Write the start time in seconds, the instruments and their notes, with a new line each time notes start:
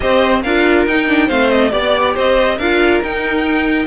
0.00 cello C4, viola G4, violin C5 D#5
0.42 cello D4, viola F4, violin A#4 F5
0.87 cello D#4, viola D#4, violin G5
1.07 viola D4
1.26 cello A3, viola C4, violin C5 F5
1.50 violin D#5
1.70 cello B3, viola G4, violin D5
2.14 cello C4, violin C5 D#5
2.57 cello D4, viola F4, violin A#4 F5
3.03 viola D#4, cello D#4, violin G5